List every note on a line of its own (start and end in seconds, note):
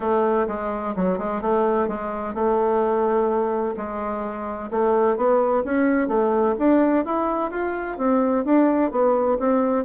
0.00 0.47 A3
0.47 0.94 G#3
0.95 1.18 F#3
1.18 1.41 G#3
1.41 1.87 A3
1.87 2.34 G#3
2.34 3.75 A3
3.76 4.70 G#3
4.70 5.16 A3
5.16 5.63 B3
5.64 6.07 C#4
6.07 6.54 A3
6.59 7.05 D4
7.05 7.50 E4
7.50 7.97 F4
7.97 8.44 C4
8.44 8.91 D4
8.91 9.37 B3
9.39 9.84 C4